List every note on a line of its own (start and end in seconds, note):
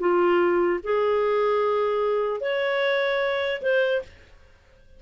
0.00 0.81 F4
0.84 2.41 G#4
2.41 3.62 C#5
3.62 4.02 C5